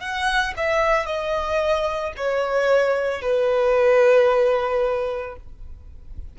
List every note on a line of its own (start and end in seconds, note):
0.00 0.54 F#5
0.57 1.06 E5
1.06 2.13 D#5
2.17 3.22 C#5
3.22 5.36 B4